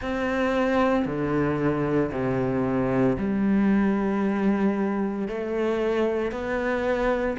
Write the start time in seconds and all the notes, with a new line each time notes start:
0.01 C4
1.05 D3
2.11 C3
3.18 G3
5.28 A3
6.31 B3